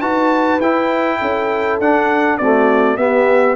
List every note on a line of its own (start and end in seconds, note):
0.00 0.59 D#4
0.00 0.60 F#4
0.00 1.19 B4
0.00 0.60 A5
0.59 1.18 E4
0.59 1.81 E4
0.59 1.79 G5
1.20 1.79 C#4
1.20 2.39 A4
1.79 2.38 D4
1.79 2.41 D4
1.79 2.37 F#5
2.37 2.98 A3
2.37 2.96 C4
2.37 2.97 F#4
2.37 2.96 D5
2.96 3.55 B3
2.96 3.55 G4
2.96 3.55 E5